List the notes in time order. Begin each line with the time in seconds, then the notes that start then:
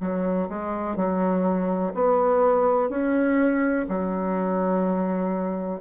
0.00 F#3
0.49 G#3
0.96 F#3
1.94 B3
2.89 C#4
3.88 F#3